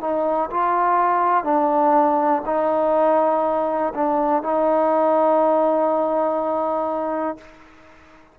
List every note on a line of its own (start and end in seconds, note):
0.00 0.49 D#4
0.50 1.44 F4
1.44 2.42 D4
2.45 3.93 D#4
3.94 4.43 D4
4.43 7.38 D#4